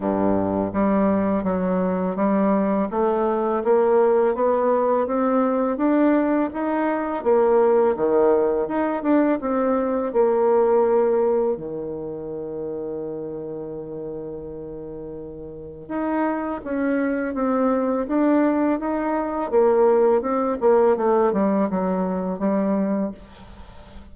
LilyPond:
\new Staff \with { instrumentName = "bassoon" } { \time 4/4 \tempo 4 = 83 g,4 g4 fis4 g4 | a4 ais4 b4 c'4 | d'4 dis'4 ais4 dis4 | dis'8 d'8 c'4 ais2 |
dis1~ | dis2 dis'4 cis'4 | c'4 d'4 dis'4 ais4 | c'8 ais8 a8 g8 fis4 g4 | }